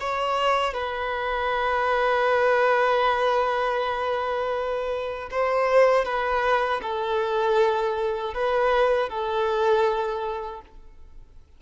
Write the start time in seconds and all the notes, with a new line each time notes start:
0.00 C#5
0.74 B4
5.31 C5
6.05 B4
6.82 A4
8.34 B4
9.09 A4